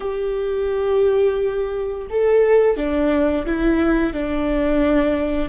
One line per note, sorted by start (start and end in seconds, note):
0.00 2.07 G4
2.10 2.76 A4
2.76 3.45 D4
3.45 4.13 E4
4.13 5.49 D4